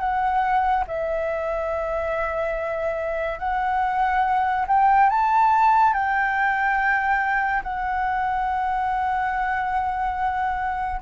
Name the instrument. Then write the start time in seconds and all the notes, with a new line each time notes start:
flute
0.00 F#5
0.88 E5
3.39 F#5
4.67 G5
5.10 A5
5.94 G5
7.63 F#5